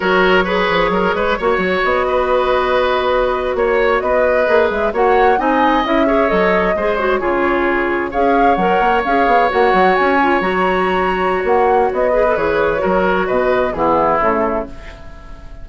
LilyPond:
<<
  \new Staff \with { instrumentName = "flute" } { \time 4/4 \tempo 4 = 131 cis''1 | dis''2.~ dis''8. cis''16~ | cis''8. dis''4. e''8 fis''4 gis''16~ | gis''8. e''4 dis''4. cis''8.~ |
cis''4.~ cis''16 f''4 fis''4 f''16~ | f''8. fis''4 gis''4 ais''4~ ais''16~ | ais''4 fis''4 dis''4 cis''4~ | cis''4 dis''4 gis'4 a'4 | }
  \new Staff \with { instrumentName = "oboe" } { \time 4/4 ais'4 b'4 ais'8 b'8 cis''4~ | cis''8 b'2.~ b'16 cis''16~ | cis''8. b'2 cis''4 dis''16~ | dis''4~ dis''16 cis''4. c''4 gis'16~ |
gis'4.~ gis'16 cis''2~ cis''16~ | cis''1~ | cis''2~ cis''8 b'4. | ais'4 b'4 e'2 | }
  \new Staff \with { instrumentName = "clarinet" } { \time 4/4 fis'4 gis'2 fis'4~ | fis'1~ | fis'4.~ fis'16 gis'4 fis'4 dis'16~ | dis'8. e'8 gis'8 a'4 gis'8 fis'8 f'16~ |
f'4.~ f'16 gis'4 ais'4 gis'16~ | gis'8. fis'4. f'8 fis'4~ fis'16~ | fis'2~ fis'8 gis'16 a'16 gis'4 | fis'2 b4 a4 | }
  \new Staff \with { instrumentName = "bassoon" } { \time 4/4 fis4. f8 fis8 gis8 ais8 fis8 | b2.~ b8. ais16~ | ais8. b4 ais8 gis8 ais4 c'16~ | c'8. cis'4 fis4 gis4 cis16~ |
cis4.~ cis16 cis'4 fis8 ais8 cis'16~ | cis'16 b8 ais8 fis8 cis'4 fis4~ fis16~ | fis4 ais4 b4 e4 | fis4 b,4 e4 cis4 | }
>>